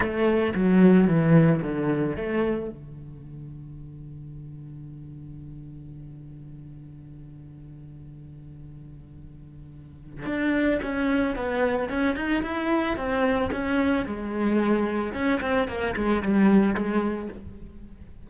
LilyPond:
\new Staff \with { instrumentName = "cello" } { \time 4/4 \tempo 4 = 111 a4 fis4 e4 d4 | a4 d2.~ | d1~ | d1~ |
d2. d'4 | cis'4 b4 cis'8 dis'8 e'4 | c'4 cis'4 gis2 | cis'8 c'8 ais8 gis8 g4 gis4 | }